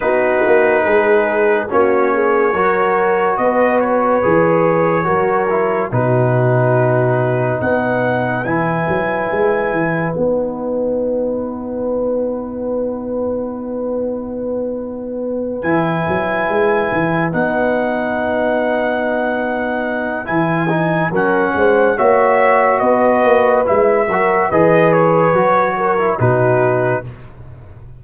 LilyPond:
<<
  \new Staff \with { instrumentName = "trumpet" } { \time 4/4 \tempo 4 = 71 b'2 cis''2 | dis''8 cis''2~ cis''8 b'4~ | b'4 fis''4 gis''2 | fis''1~ |
fis''2~ fis''8 gis''4.~ | gis''8 fis''2.~ fis''8 | gis''4 fis''4 e''4 dis''4 | e''4 dis''8 cis''4. b'4 | }
  \new Staff \with { instrumentName = "horn" } { \time 4/4 fis'4 gis'4 fis'8 gis'8 ais'4 | b'2 ais'4 fis'4~ | fis'4 b'2.~ | b'1~ |
b'1~ | b'1~ | b'4 ais'8 c''8 cis''4 b'4~ | b'8 ais'8 b'4. ais'8 fis'4 | }
  \new Staff \with { instrumentName = "trombone" } { \time 4/4 dis'2 cis'4 fis'4~ | fis'4 gis'4 fis'8 e'8 dis'4~ | dis'2 e'2 | dis'1~ |
dis'2~ dis'8 e'4.~ | e'8 dis'2.~ dis'8 | e'8 dis'8 cis'4 fis'2 | e'8 fis'8 gis'4 fis'8. e'16 dis'4 | }
  \new Staff \with { instrumentName = "tuba" } { \time 4/4 b8 ais8 gis4 ais4 fis4 | b4 e4 fis4 b,4~ | b,4 b4 e8 fis8 gis8 e8 | b1~ |
b2~ b8 e8 fis8 gis8 | e8 b2.~ b8 | e4 fis8 gis8 ais4 b8 ais8 | gis8 fis8 e4 fis4 b,4 | }
>>